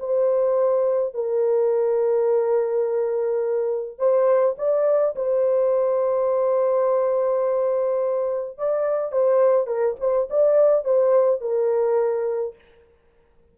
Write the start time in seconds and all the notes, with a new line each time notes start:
0.00 C5
1.14 A#4
3.99 C5
4.59 D5
5.16 C5
8.58 D5
9.12 C5
9.68 A#4
10.00 C5
10.30 D5
10.85 C5
11.41 A#4